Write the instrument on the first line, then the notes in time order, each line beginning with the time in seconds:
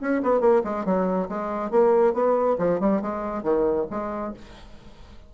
bassoon
0.00 C#4
0.22 B3
0.40 A#3
0.63 G#3
0.85 F#3
1.28 G#3
1.70 A#3
2.13 B3
2.58 F3
2.80 G3
3.01 G#3
3.43 D#3
3.90 G#3